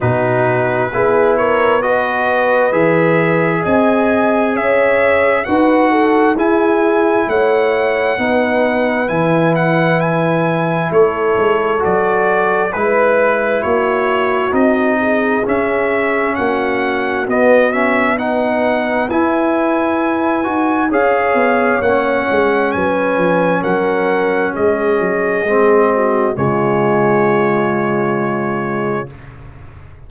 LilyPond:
<<
  \new Staff \with { instrumentName = "trumpet" } { \time 4/4 \tempo 4 = 66 b'4. cis''8 dis''4 e''4 | gis''4 e''4 fis''4 gis''4 | fis''2 gis''8 fis''8 gis''4 | cis''4 d''4 b'4 cis''4 |
dis''4 e''4 fis''4 dis''8 e''8 | fis''4 gis''2 f''4 | fis''4 gis''4 fis''4 dis''4~ | dis''4 cis''2. | }
  \new Staff \with { instrumentName = "horn" } { \time 4/4 fis'4 gis'8 ais'8 b'2 | dis''4 cis''4 b'8 a'8 gis'4 | cis''4 b'2. | a'2 b'4 fis'4~ |
fis'8 gis'4. fis'2 | b'2. cis''4~ | cis''4 b'4 ais'4 gis'4~ | gis'8 fis'8 f'2. | }
  \new Staff \with { instrumentName = "trombone" } { \time 4/4 dis'4 e'4 fis'4 gis'4~ | gis'2 fis'4 e'4~ | e'4 dis'4 e'2~ | e'4 fis'4 e'2 |
dis'4 cis'2 b8 cis'8 | dis'4 e'4. fis'8 gis'4 | cis'1 | c'4 gis2. | }
  \new Staff \with { instrumentName = "tuba" } { \time 4/4 b,4 b2 e4 | c'4 cis'4 dis'4 e'4 | a4 b4 e2 | a8 gis8 fis4 gis4 ais4 |
c'4 cis'4 ais4 b4~ | b4 e'4. dis'8 cis'8 b8 | ais8 gis8 fis8 f8 fis4 gis8 fis8 | gis4 cis2. | }
>>